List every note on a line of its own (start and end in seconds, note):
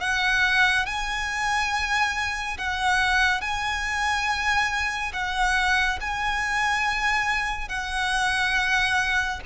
0.00 0.86 F#5
0.86 2.57 G#5
2.58 3.41 F#5
3.41 5.12 G#5
5.13 5.99 F#5
6.00 7.69 G#5
7.69 9.40 F#5